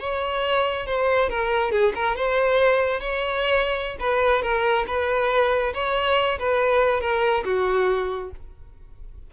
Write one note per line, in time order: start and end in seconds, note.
0.00 0.86 C#5
0.87 1.29 C5
1.29 1.71 A#4
1.71 1.93 G#4
1.95 2.16 A#4
2.16 3.00 C5
3.00 3.97 C#5
4.00 4.42 B4
4.42 4.86 A#4
4.87 5.74 B4
5.74 6.39 C#5
6.39 7.01 B4
7.01 7.44 A#4
7.45 8.31 F#4